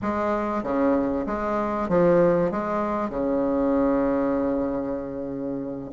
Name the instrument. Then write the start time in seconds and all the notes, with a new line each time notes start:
bassoon
0.02 G#3
0.62 C#3
1.26 G#3
1.88 F3
2.51 G#3
3.09 C#3